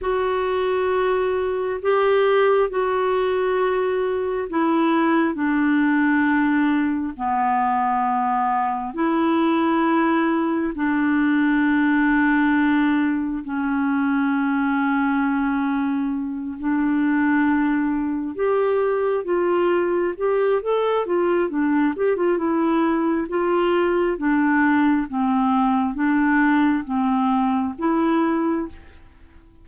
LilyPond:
\new Staff \with { instrumentName = "clarinet" } { \time 4/4 \tempo 4 = 67 fis'2 g'4 fis'4~ | fis'4 e'4 d'2 | b2 e'2 | d'2. cis'4~ |
cis'2~ cis'8 d'4.~ | d'8 g'4 f'4 g'8 a'8 f'8 | d'8 g'16 f'16 e'4 f'4 d'4 | c'4 d'4 c'4 e'4 | }